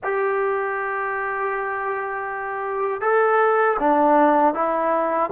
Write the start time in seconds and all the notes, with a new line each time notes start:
0.03 G4
3.01 A4
3.79 D4
4.54 E4